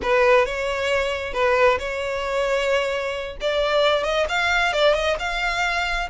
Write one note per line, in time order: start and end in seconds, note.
0.02 0.45 B4
0.45 1.33 C#5
1.33 1.78 B4
1.78 3.36 C#5
3.40 4.03 D5
4.03 4.26 D#5
4.29 4.72 F5
4.72 4.93 D5
4.93 5.16 D#5
5.19 6.09 F5